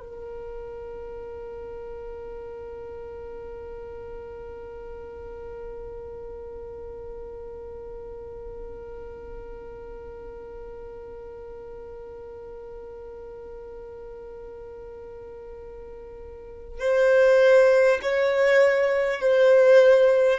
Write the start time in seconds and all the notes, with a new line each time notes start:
0.00 A#4
16.79 C5
18.02 C#5
19.21 C5